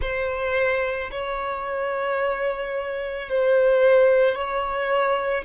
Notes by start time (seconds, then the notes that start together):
0.01 C5
1.11 C#5
3.29 C5
4.35 C#5